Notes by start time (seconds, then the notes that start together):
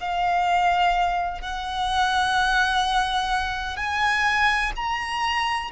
0.00 F5
1.41 F#5
3.76 G#5
4.76 A#5